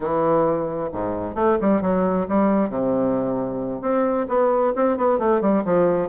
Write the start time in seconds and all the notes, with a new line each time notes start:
0.00 E3
0.92 G#2
1.35 A3
1.60 G3
1.81 F#3
2.28 G3
2.69 C3
3.81 C4
4.28 B3
4.75 C4
4.97 B3
5.18 A3
5.41 G3
5.64 F3